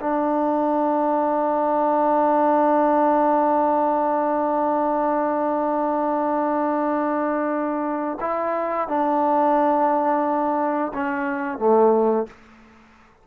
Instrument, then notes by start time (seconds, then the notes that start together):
trombone
0.00 D4
8.20 E4
8.88 D4
10.93 C#4
11.58 A3